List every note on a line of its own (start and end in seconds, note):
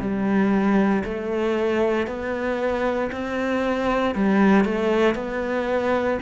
0.00 1.03 G3
1.04 2.07 A3
2.07 3.10 B3
3.12 4.15 C4
4.15 4.65 G3
4.65 5.15 A3
5.15 6.18 B3